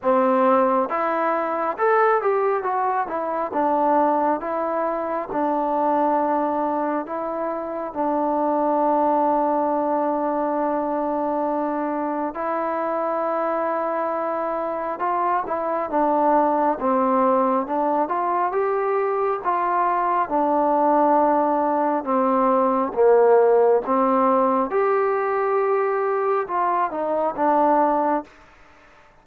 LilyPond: \new Staff \with { instrumentName = "trombone" } { \time 4/4 \tempo 4 = 68 c'4 e'4 a'8 g'8 fis'8 e'8 | d'4 e'4 d'2 | e'4 d'2.~ | d'2 e'2~ |
e'4 f'8 e'8 d'4 c'4 | d'8 f'8 g'4 f'4 d'4~ | d'4 c'4 ais4 c'4 | g'2 f'8 dis'8 d'4 | }